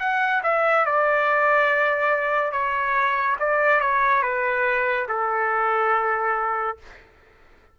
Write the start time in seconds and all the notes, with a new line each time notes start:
0.00 F#5
0.43 E5
0.86 D5
2.52 C#5
3.40 D5
3.81 C#5
4.23 B4
5.09 A4